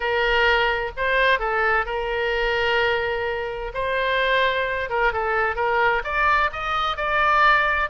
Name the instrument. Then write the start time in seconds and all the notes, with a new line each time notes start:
oboe
0.00 A#4
0.96 C5
1.39 A4
1.85 A#4
3.74 C5
4.89 A#4
5.12 A4
5.55 A#4
6.04 D5
6.52 D#5
6.96 D5